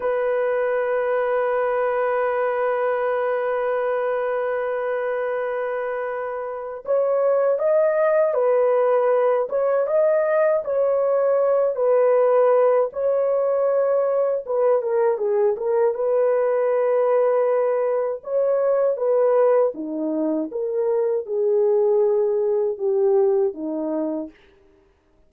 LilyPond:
\new Staff \with { instrumentName = "horn" } { \time 4/4 \tempo 4 = 79 b'1~ | b'1~ | b'4 cis''4 dis''4 b'4~ | b'8 cis''8 dis''4 cis''4. b'8~ |
b'4 cis''2 b'8 ais'8 | gis'8 ais'8 b'2. | cis''4 b'4 dis'4 ais'4 | gis'2 g'4 dis'4 | }